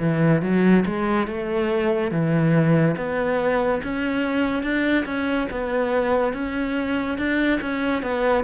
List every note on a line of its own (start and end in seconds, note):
0.00 0.42 E3
0.42 0.85 F#3
0.86 1.28 G#3
1.28 2.11 A3
2.11 2.96 E3
2.97 3.81 B3
3.84 4.63 C#4
4.63 5.05 D4
5.06 5.48 C#4
5.51 6.34 B3
6.34 7.18 C#4
7.18 7.61 D4
7.62 8.02 C#4
8.02 8.44 B3